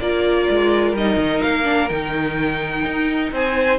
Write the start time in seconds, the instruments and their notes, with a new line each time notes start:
0.00 cello A#3, viola F4, violin A#4 D5
0.50 cello G#3
0.93 cello G3, viola D#4, violin D#5
1.17 cello D#3
1.41 cello A#3, violin F5
1.64 viola D4
1.88 cello D#3, viola D#4, violin G5
2.85 cello D#4
3.32 cello C4, violin C5 G#5